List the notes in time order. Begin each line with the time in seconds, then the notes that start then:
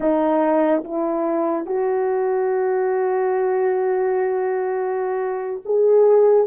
0.00 D#4
0.83 E4
1.66 F#4
5.65 G#4